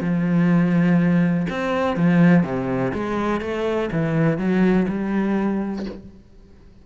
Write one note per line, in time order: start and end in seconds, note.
0.00 1.46 F3
1.49 1.96 C4
1.96 2.43 F3
2.43 2.92 C3
2.94 3.41 G#3
3.41 3.89 A3
3.92 4.38 E3
4.38 4.86 F#3
4.88 5.86 G3